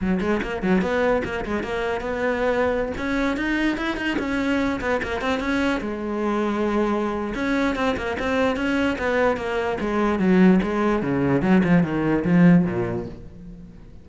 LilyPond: \new Staff \with { instrumentName = "cello" } { \time 4/4 \tempo 4 = 147 fis8 gis8 ais8 fis8 b4 ais8 gis8 | ais4 b2~ b16 cis'8.~ | cis'16 dis'4 e'8 dis'8 cis'4. b16~ | b16 ais8 c'8 cis'4 gis4.~ gis16~ |
gis2 cis'4 c'8 ais8 | c'4 cis'4 b4 ais4 | gis4 fis4 gis4 cis4 | fis8 f8 dis4 f4 ais,4 | }